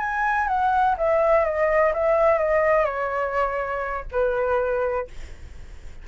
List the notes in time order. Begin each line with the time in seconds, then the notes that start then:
0.00 G#5
0.48 F#5
0.98 E5
1.45 D#5
1.94 E5
2.38 D#5
2.85 C#5
4.12 B4